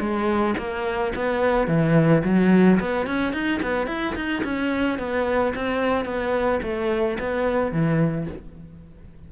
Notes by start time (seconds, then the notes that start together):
0.00 G#3
0.58 A#3
1.16 B3
1.68 E3
2.25 F#3
2.80 B3
3.07 C#4
3.33 D#4
3.63 B3
3.87 E4
4.16 D#4
4.44 C#4
4.99 B3
5.55 C4
6.06 B3
6.63 A3
7.20 B3
7.72 E3